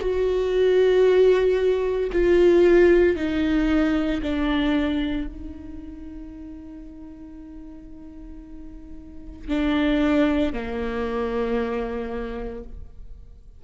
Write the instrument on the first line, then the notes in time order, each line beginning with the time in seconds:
viola
0.00 F#4
2.13 F4
3.16 D#4
4.23 D4
5.28 D#4
9.49 D4
10.54 A#3